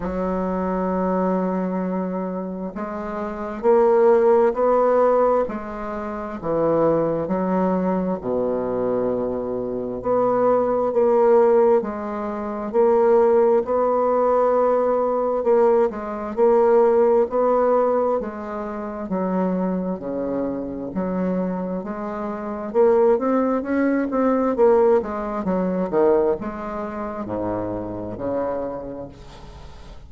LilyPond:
\new Staff \with { instrumentName = "bassoon" } { \time 4/4 \tempo 4 = 66 fis2. gis4 | ais4 b4 gis4 e4 | fis4 b,2 b4 | ais4 gis4 ais4 b4~ |
b4 ais8 gis8 ais4 b4 | gis4 fis4 cis4 fis4 | gis4 ais8 c'8 cis'8 c'8 ais8 gis8 | fis8 dis8 gis4 gis,4 cis4 | }